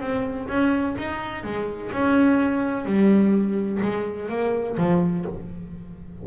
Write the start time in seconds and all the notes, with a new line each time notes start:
0.00 C4
0.48 C#4
0.98 D#4
1.44 G#3
1.92 C#4
2.85 G3
3.82 G#3
4.29 A#3
4.77 F3